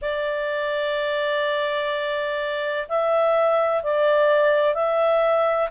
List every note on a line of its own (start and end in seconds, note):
0.01 2.87 D5
2.88 3.83 E5
3.83 4.74 D5
4.74 5.69 E5